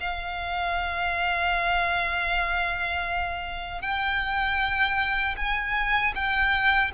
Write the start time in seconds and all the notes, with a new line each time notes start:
0.00 F5
3.81 G5
5.36 G#5
6.15 G5